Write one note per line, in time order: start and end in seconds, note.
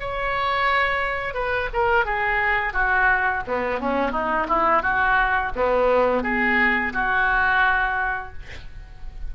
0.00 1.34 C#5
1.34 1.69 B4
1.73 2.05 A#4
2.05 2.73 G#4
2.73 3.43 F#4
3.47 3.80 B3
3.80 4.12 C#4
4.12 4.47 D#4
4.49 4.83 E4
4.83 5.52 F#4
5.56 6.23 B3
6.23 6.93 G#4
6.93 8.33 F#4